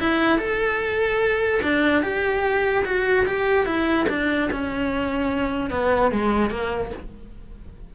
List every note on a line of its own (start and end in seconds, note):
0.00 0.39 E4
0.39 1.61 A4
1.63 2.03 D4
2.03 2.84 G4
2.85 3.26 F#4
3.26 3.66 G4
3.66 4.07 E4
4.09 4.50 D4
4.52 5.71 C#4
5.71 6.11 B3
6.11 6.50 G#3
6.50 6.91 A#3